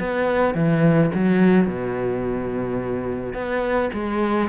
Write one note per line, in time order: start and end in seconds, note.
0.00 0.55 B3
0.55 1.11 E3
1.15 1.67 F#3
1.67 3.34 B2
3.34 3.90 B3
3.94 4.50 G#3